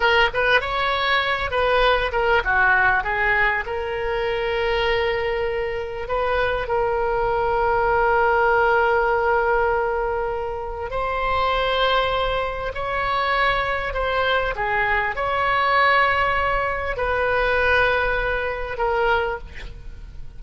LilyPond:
\new Staff \with { instrumentName = "oboe" } { \time 4/4 \tempo 4 = 99 ais'8 b'8 cis''4. b'4 ais'8 | fis'4 gis'4 ais'2~ | ais'2 b'4 ais'4~ | ais'1~ |
ais'2 c''2~ | c''4 cis''2 c''4 | gis'4 cis''2. | b'2. ais'4 | }